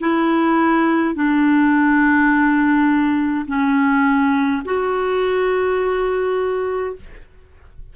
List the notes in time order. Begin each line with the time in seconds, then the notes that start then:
0.00 E4
1.14 D4
3.47 C#4
4.65 F#4